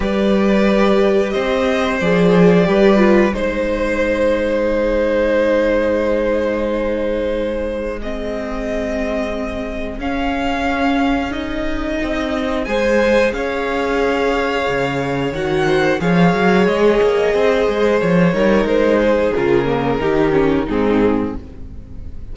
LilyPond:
<<
  \new Staff \with { instrumentName = "violin" } { \time 4/4 \tempo 4 = 90 d''2 dis''4 d''4~ | d''4 c''2.~ | c''1 | dis''2. f''4~ |
f''4 dis''2 gis''4 | f''2. fis''4 | f''4 dis''2 cis''4 | c''4 ais'2 gis'4 | }
  \new Staff \with { instrumentName = "violin" } { \time 4/4 b'2 c''2 | b'4 c''2 gis'4~ | gis'1~ | gis'1~ |
gis'2. c''4 | cis''2.~ cis''8 c''8 | cis''2 c''4. ais'8~ | ais'8 gis'4. g'4 dis'4 | }
  \new Staff \with { instrumentName = "viola" } { \time 4/4 g'2. gis'4 | g'8 f'8 dis'2.~ | dis'1 | c'2. cis'4~ |
cis'4 dis'2 gis'4~ | gis'2. fis'4 | gis'2.~ gis'8 dis'8~ | dis'4 f'8 ais8 dis'8 cis'8 c'4 | }
  \new Staff \with { instrumentName = "cello" } { \time 4/4 g2 c'4 f4 | g4 gis2.~ | gis1~ | gis2. cis'4~ |
cis'2 c'4 gis4 | cis'2 cis4 dis4 | f8 fis8 gis8 ais8 c'8 gis8 f8 g8 | gis4 cis4 dis4 gis,4 | }
>>